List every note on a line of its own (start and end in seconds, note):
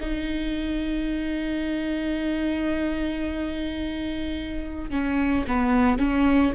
0.00 4.90 D#4
4.90 5.45 C#4
5.47 5.98 B3
5.98 6.53 C#4